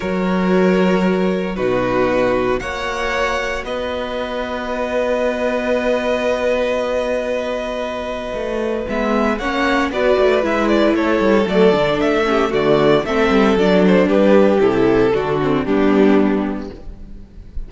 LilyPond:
<<
  \new Staff \with { instrumentName = "violin" } { \time 4/4 \tempo 4 = 115 cis''2. b'4~ | b'4 fis''2 dis''4~ | dis''1~ | dis''1~ |
dis''4 e''4 fis''4 d''4 | e''8 d''8 cis''4 d''4 e''4 | d''4 e''4 d''8 c''8 b'4 | a'2 g'2 | }
  \new Staff \with { instrumentName = "violin" } { \time 4/4 ais'2. fis'4~ | fis'4 cis''2 b'4~ | b'1~ | b'1~ |
b'2 cis''4 b'4~ | b'4 a'2~ a'8 g'8 | fis'4 a'2 g'4~ | g'4 fis'4 d'2 | }
  \new Staff \with { instrumentName = "viola" } { \time 4/4 fis'2. dis'4~ | dis'4 fis'2.~ | fis'1~ | fis'1~ |
fis'4 b4 cis'4 fis'4 | e'2 a8 d'4 cis'8 | a4 c'4 d'2 | e'4 d'8 c'8 b2 | }
  \new Staff \with { instrumentName = "cello" } { \time 4/4 fis2. b,4~ | b,4 ais2 b4~ | b1~ | b1 |
a4 gis4 ais4 b8 a8 | gis4 a8 g8 fis8 d8 a4 | d4 a8 g8 fis4 g4 | c4 d4 g2 | }
>>